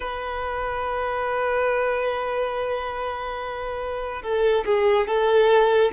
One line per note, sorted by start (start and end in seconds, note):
0.00 4.22 B4
4.22 4.64 A4
4.65 5.07 G#4
5.07 5.92 A4